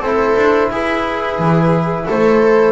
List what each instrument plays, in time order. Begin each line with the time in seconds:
0.00 double bass C4, trombone E4, viola A4, flute C5
0.36 double bass D4
0.71 double bass E4, viola G#4, flute B4
1.38 double bass E3
2.06 double bass A3, viola A4, flute C5